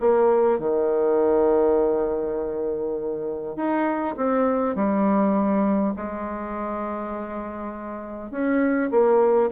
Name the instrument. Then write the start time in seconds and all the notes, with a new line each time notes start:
bassoon
0.00 A#3
0.59 D#3
3.56 D#4
4.17 C4
4.76 G3
5.96 G#3
8.31 C#4
8.91 A#3